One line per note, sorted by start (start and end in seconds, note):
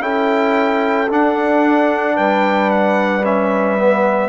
0.00 1.08 C#4
0.00 1.07 E4
0.00 2.16 A4
0.00 1.09 G5
1.08 3.22 D4
1.08 2.17 D4
1.08 2.17 F#5
2.16 4.29 G3
2.16 4.29 B4
2.16 2.70 G5
2.70 3.23 F#5
3.24 3.77 C#4
3.24 4.29 E5
3.78 4.29 B3